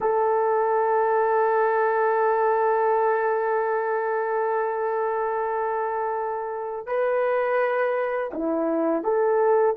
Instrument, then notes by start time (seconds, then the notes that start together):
horn
0.00 A4
6.86 B4
8.33 E4
9.03 A4